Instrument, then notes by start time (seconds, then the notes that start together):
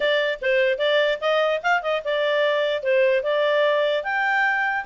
clarinet
0.00 D5
0.41 C5
0.78 D5
1.21 D#5
1.62 F5
1.82 D#5
2.04 D5
2.82 C5
3.23 D5
4.03 G5